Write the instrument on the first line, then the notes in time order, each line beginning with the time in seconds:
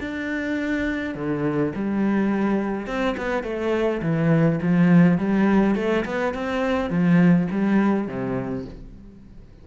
cello
0.00 D4
1.15 D3
1.75 G3
2.87 C4
3.17 B3
3.43 A3
4.01 E3
4.62 F3
5.18 G3
5.75 A3
6.05 B3
6.34 C4
6.90 F3
7.51 G3
8.07 C3